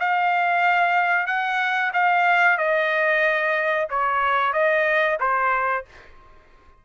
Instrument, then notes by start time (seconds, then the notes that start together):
trumpet
0.00 F5
1.27 F#5
1.93 F5
2.58 D#5
3.90 C#5
4.53 D#5
5.20 C5